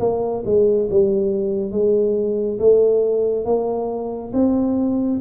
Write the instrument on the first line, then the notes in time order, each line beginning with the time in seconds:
tuba
0.00 A#3
0.45 G#3
0.91 G3
1.72 G#3
2.59 A3
3.45 A#3
4.33 C4